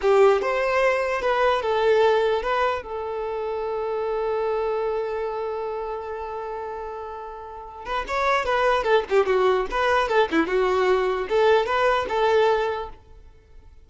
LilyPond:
\new Staff \with { instrumentName = "violin" } { \time 4/4 \tempo 4 = 149 g'4 c''2 b'4 | a'2 b'4 a'4~ | a'1~ | a'1~ |
a'2.~ a'8 b'8 | cis''4 b'4 a'8 g'8 fis'4 | b'4 a'8 e'8 fis'2 | a'4 b'4 a'2 | }